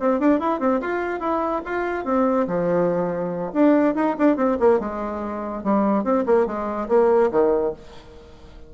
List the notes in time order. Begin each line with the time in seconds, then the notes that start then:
0.00 C4
0.20 D4
0.40 E4
0.60 C4
0.81 F4
1.20 E4
1.66 F4
2.05 C4
2.48 F3
3.53 D4
3.95 D#4
4.19 D4
4.37 C4
4.60 A#3
4.80 G#3
5.64 G3
6.04 C4
6.27 A#3
6.47 G#3
6.89 A#3
7.31 D#3